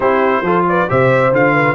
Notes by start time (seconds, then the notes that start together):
0.00 C4 E4 G4 C5
0.41 F3 F4 A4
0.68 B4 D5
0.88 C3 G4 C5 E5
1.33 D3 F4 F5
1.53 B4